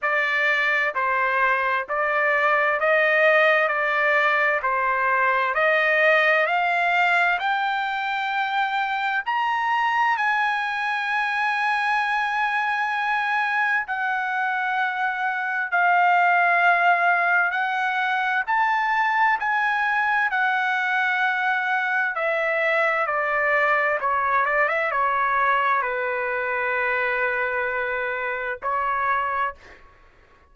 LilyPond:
\new Staff \with { instrumentName = "trumpet" } { \time 4/4 \tempo 4 = 65 d''4 c''4 d''4 dis''4 | d''4 c''4 dis''4 f''4 | g''2 ais''4 gis''4~ | gis''2. fis''4~ |
fis''4 f''2 fis''4 | a''4 gis''4 fis''2 | e''4 d''4 cis''8 d''16 e''16 cis''4 | b'2. cis''4 | }